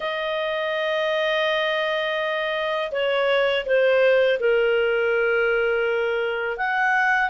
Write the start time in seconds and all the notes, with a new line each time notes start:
0.00 D#5
2.91 C#5
3.65 C5
4.39 A#4
6.57 F#5